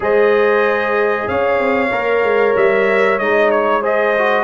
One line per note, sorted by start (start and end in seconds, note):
0.00 1.27 G#3
0.00 1.88 G#4
0.00 1.29 C5
0.00 1.28 D#5
1.27 1.59 C#4
1.27 3.82 C#5
1.27 2.55 F5
1.59 1.91 C4
1.91 2.23 A#3
1.91 3.19 A#4
2.23 2.55 G#3
2.56 3.19 G3
2.56 3.18 E5
3.18 4.43 G#3
3.18 3.82 D#4
3.18 3.50 D#5
3.50 3.82 C#5
3.82 4.14 G#4
3.82 4.43 C5
3.82 4.43 D#5
4.17 4.43 F#4